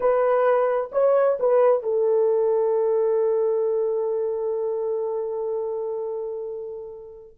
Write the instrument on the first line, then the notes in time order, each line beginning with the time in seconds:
horn
0.00 B4
0.92 C#5
1.39 B4
1.82 A4